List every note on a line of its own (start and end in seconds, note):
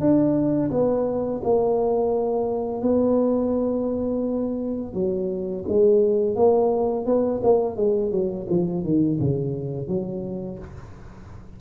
0.00 0.71 D4
0.71 1.41 B3
1.43 2.82 A#3
2.82 4.94 B3
4.94 5.64 F#3
5.68 6.36 G#3
6.36 7.06 A#3
7.06 7.41 B3
7.43 7.76 A#3
7.76 8.11 G#3
8.11 8.46 F#3
8.49 8.84 F3
8.84 9.19 D#3
9.20 9.88 C#3
9.88 10.58 F#3